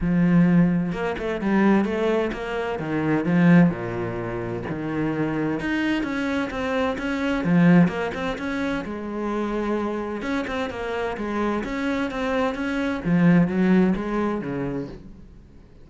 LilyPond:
\new Staff \with { instrumentName = "cello" } { \time 4/4 \tempo 4 = 129 f2 ais8 a8 g4 | a4 ais4 dis4 f4 | ais,2 dis2 | dis'4 cis'4 c'4 cis'4 |
f4 ais8 c'8 cis'4 gis4~ | gis2 cis'8 c'8 ais4 | gis4 cis'4 c'4 cis'4 | f4 fis4 gis4 cis4 | }